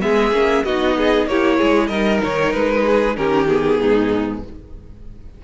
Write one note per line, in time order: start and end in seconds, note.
0.00 0.32 G#3
0.00 0.32 B3
0.00 0.65 G#4
0.00 0.64 E5
0.32 0.63 A#3
0.32 0.64 C#4
0.64 1.27 B3
0.64 1.29 D#4
0.64 0.96 F#4
0.64 1.27 D#5
0.97 1.29 G#4
1.27 1.58 A#3
1.27 1.91 E4
1.27 1.57 G4
1.27 1.87 C#5
1.57 1.89 G#3
1.57 1.88 G#4
1.87 2.21 G3
1.87 3.15 D#4
1.87 2.83 A#4
1.87 2.18 D#5
2.23 2.54 D#3
2.23 2.52 C#5
2.52 3.17 G#3
2.52 3.16 B4
2.85 3.16 G#4
3.15 3.80 D#3
3.15 3.47 C#4
3.15 3.81 G4
3.15 3.47 A#4
3.47 4.43 B3
3.47 4.42 G#4
3.80 4.44 G#2
3.80 4.44 D#4